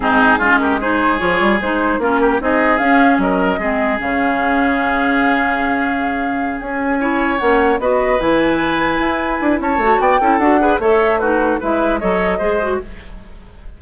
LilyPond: <<
  \new Staff \with { instrumentName = "flute" } { \time 4/4 \tempo 4 = 150 gis'4. ais'8 c''4 cis''4 | c''4 ais'4 dis''4 f''4 | dis''2 f''2~ | f''1~ |
f''8 gis''2 fis''4 dis''8~ | dis''8 gis''2.~ gis''8 | a''4 g''4 fis''4 e''4 | b'4 e''4 dis''2 | }
  \new Staff \with { instrumentName = "oboe" } { \time 4/4 dis'4 f'8 g'8 gis'2~ | gis'4 f'8 g'8 gis'2 | ais'4 gis'2.~ | gis'1~ |
gis'4. cis''2 b'8~ | b'1 | cis''4 d''8 a'4 b'8 cis''4 | fis'4 b'4 cis''4 c''4 | }
  \new Staff \with { instrumentName = "clarinet" } { \time 4/4 c'4 cis'4 dis'4 f'4 | dis'4 cis'4 dis'4 cis'4~ | cis'4 c'4 cis'2~ | cis'1~ |
cis'4. e'4 cis'4 fis'8~ | fis'8 e'2.~ e'8~ | e'8 fis'4 e'8 fis'8 gis'8 a'4 | dis'4 e'4 a'4 gis'8 fis'8 | }
  \new Staff \with { instrumentName = "bassoon" } { \time 4/4 gis,4 gis2 f8 g8 | gis4 ais4 c'4 cis'4 | fis4 gis4 cis2~ | cis1~ |
cis8 cis'2 ais4 b8~ | b8 e2 e'4 d'8 | cis'8 a8 b8 cis'8 d'4 a4~ | a4 gis4 fis4 gis4 | }
>>